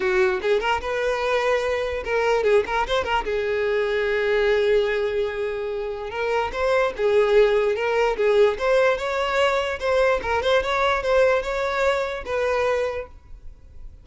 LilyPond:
\new Staff \with { instrumentName = "violin" } { \time 4/4 \tempo 4 = 147 fis'4 gis'8 ais'8 b'2~ | b'4 ais'4 gis'8 ais'8 c''8 ais'8 | gis'1~ | gis'2. ais'4 |
c''4 gis'2 ais'4 | gis'4 c''4 cis''2 | c''4 ais'8 c''8 cis''4 c''4 | cis''2 b'2 | }